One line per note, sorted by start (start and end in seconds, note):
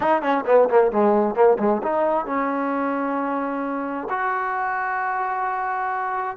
0.00 0.21 D#4
0.21 0.44 C#4
0.45 0.68 B3
0.69 0.91 A#3
0.91 1.35 G#3
1.35 1.57 A#3
1.59 1.82 G#3
1.82 2.26 D#4
2.26 4.07 C#4
4.09 6.37 F#4